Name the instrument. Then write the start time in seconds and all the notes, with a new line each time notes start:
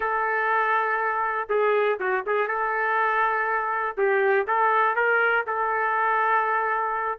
trumpet
0.00 A4
1.49 G#4
1.99 F#4
2.26 G#4
2.47 A4
3.97 G4
4.47 A4
4.95 A#4
5.47 A4